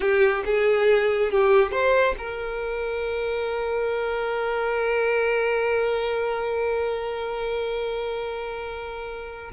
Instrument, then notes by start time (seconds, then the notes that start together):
violin
0.00 G4
0.45 G#4
1.31 G4
1.71 C5
2.17 A#4